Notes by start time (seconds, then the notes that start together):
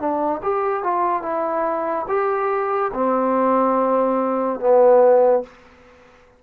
0.00 D4
0.43 G4
0.84 F4
1.23 E4
2.09 G4
2.94 C4
4.60 B3